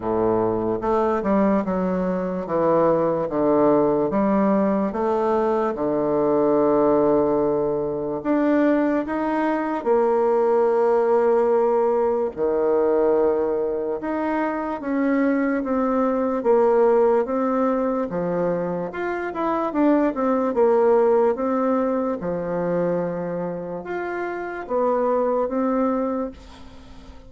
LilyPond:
\new Staff \with { instrumentName = "bassoon" } { \time 4/4 \tempo 4 = 73 a,4 a8 g8 fis4 e4 | d4 g4 a4 d4~ | d2 d'4 dis'4 | ais2. dis4~ |
dis4 dis'4 cis'4 c'4 | ais4 c'4 f4 f'8 e'8 | d'8 c'8 ais4 c'4 f4~ | f4 f'4 b4 c'4 | }